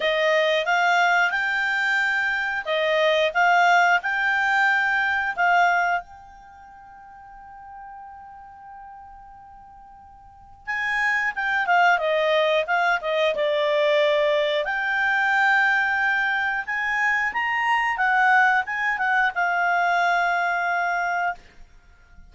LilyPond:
\new Staff \with { instrumentName = "clarinet" } { \time 4/4 \tempo 4 = 90 dis''4 f''4 g''2 | dis''4 f''4 g''2 | f''4 g''2.~ | g''1 |
gis''4 g''8 f''8 dis''4 f''8 dis''8 | d''2 g''2~ | g''4 gis''4 ais''4 fis''4 | gis''8 fis''8 f''2. | }